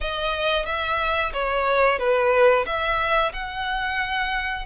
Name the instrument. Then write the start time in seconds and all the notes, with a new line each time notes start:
violin
0.00 D#5
0.65 E5
1.33 C#5
1.98 B4
2.65 E5
3.32 F#5